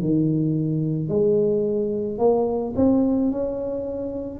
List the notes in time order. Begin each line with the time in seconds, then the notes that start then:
0.00 D#3
1.09 G#3
2.18 A#3
2.76 C4
3.31 C#4